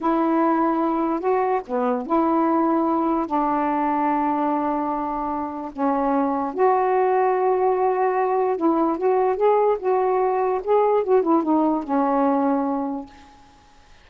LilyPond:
\new Staff \with { instrumentName = "saxophone" } { \time 4/4 \tempo 4 = 147 e'2. fis'4 | b4 e'2. | d'1~ | d'2 cis'2 |
fis'1~ | fis'4 e'4 fis'4 gis'4 | fis'2 gis'4 fis'8 e'8 | dis'4 cis'2. | }